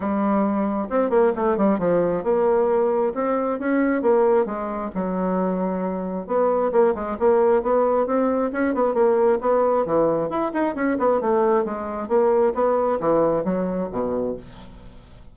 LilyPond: \new Staff \with { instrumentName = "bassoon" } { \time 4/4 \tempo 4 = 134 g2 c'8 ais8 a8 g8 | f4 ais2 c'4 | cis'4 ais4 gis4 fis4~ | fis2 b4 ais8 gis8 |
ais4 b4 c'4 cis'8 b8 | ais4 b4 e4 e'8 dis'8 | cis'8 b8 a4 gis4 ais4 | b4 e4 fis4 b,4 | }